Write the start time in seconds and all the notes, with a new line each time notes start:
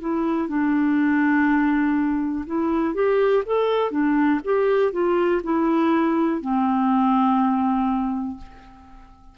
0.00 E4
0.48 D4
2.46 E4
2.94 G4
3.46 A4
3.91 D4
4.44 G4
4.92 F4
5.44 E4
6.41 C4